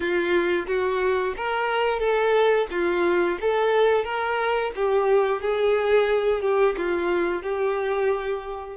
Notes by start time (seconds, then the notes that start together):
0.00 F4
0.66 F#4
1.37 A#4
1.99 A4
2.70 F4
3.40 A4
4.04 A#4
4.75 G4
5.41 G#4
6.41 G4
6.77 F4
7.42 G4